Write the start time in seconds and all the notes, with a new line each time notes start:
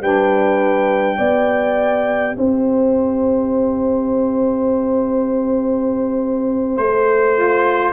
0.00 G3 D4 B4 G5
1.17 B3 G4 D5
2.37 C4 C5 E5
6.76 A3 C5
7.34 F4